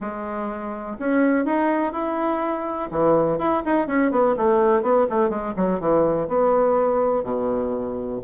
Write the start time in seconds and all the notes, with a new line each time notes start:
0.00 G#3
0.99 C#4
1.45 D#4
1.92 E4
2.91 E3
3.38 E4
3.65 D#4
3.87 C#4
4.11 B3
4.37 A3
4.82 B3
5.09 A3
5.29 G#3
5.56 F#3
5.80 E3
6.28 B3
7.23 B2